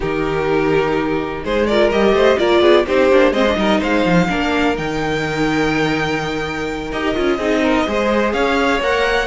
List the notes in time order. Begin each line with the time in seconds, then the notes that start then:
0.00 D#3 D#4 G4 A#4
1.44 G#3 G#4 C5
1.66 F4 A#4 D5
1.91 G3 G4 D#5
2.12 A3 C5
2.38 A#3 F4 A#4 D5
2.60 B3 G#4
2.87 C4 D#4 G4 C5
3.11 A#3 D4
3.31 G#3 C4 C5 D#5
3.47 D4
3.56 G3 D#4 A#4
3.79 G#3 C5 F5
4.05 F3
4.28 A#3 D4 A#4
4.76 D#3 D#4 G5
6.92 D#4 G4 D#5
7.15 C#4 F4
7.36 C4 D#4 G#4
7.63 A#4
7.87 G#3 G#4 C5
8.32 C#4 C#5 F5
8.80 A#3 A#4 F#5